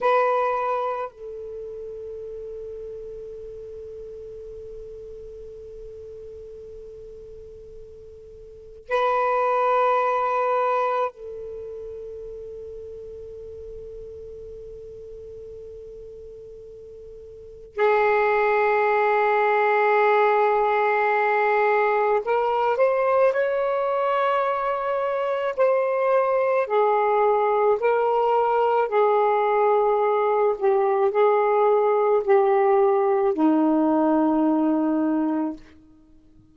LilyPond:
\new Staff \with { instrumentName = "saxophone" } { \time 4/4 \tempo 4 = 54 b'4 a'2.~ | a'1 | b'2 a'2~ | a'1 |
gis'1 | ais'8 c''8 cis''2 c''4 | gis'4 ais'4 gis'4. g'8 | gis'4 g'4 dis'2 | }